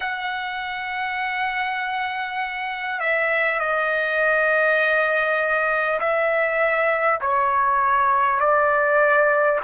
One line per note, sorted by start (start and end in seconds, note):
0.00 3.00 F#5
3.00 3.59 E5
3.59 5.99 D#5
6.00 7.20 E5
7.20 8.39 C#5
8.39 9.59 D5